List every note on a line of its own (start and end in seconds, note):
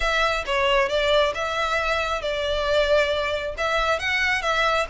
0.00 0.44 E5
0.46 0.88 C#5
0.88 1.33 D5
1.34 2.21 E5
2.21 3.55 D5
3.57 3.99 E5
3.99 4.42 F#5
4.42 4.86 E5